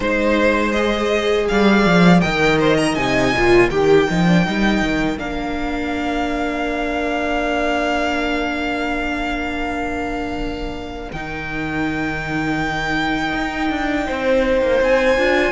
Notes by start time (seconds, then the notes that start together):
0.00 G#3 D#4 C5
0.72 G#4 D#5
1.48 G3 D5 F5
1.85 F3
2.21 D#3 A#4 D#5 G5
2.59 C5
2.76 A#5
2.95 C3 D#4 G#5
3.32 A#2 F4
3.68 D#3 G4 A#4 G5
4.09 F3 D#4
4.27 D4
4.45 G3 D#4
4.82 D#3
5.17 A#3 D4 F5
11.12 D#3 D#4 G5
13.33 D#4
13.69 D4
14.06 C4 C5
14.62 A#3
14.80 C4 G#5
15.17 D4 F4